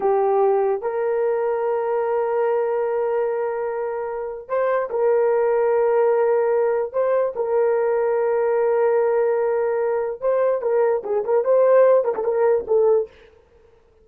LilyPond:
\new Staff \with { instrumentName = "horn" } { \time 4/4 \tempo 4 = 147 g'2 ais'2~ | ais'1~ | ais'2. c''4 | ais'1~ |
ais'4 c''4 ais'2~ | ais'1~ | ais'4 c''4 ais'4 gis'8 ais'8 | c''4. ais'16 a'16 ais'4 a'4 | }